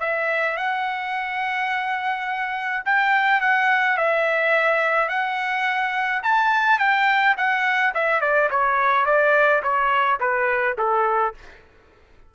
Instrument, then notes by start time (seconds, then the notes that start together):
trumpet
0.00 E5
0.57 F#5
2.85 G5
3.41 F#5
3.97 E5
5.08 F#5
6.22 A5
6.79 G5
7.37 F#5
7.94 E5
8.21 D5
8.50 C#5
9.05 D5
9.63 C#5
10.20 B4
10.78 A4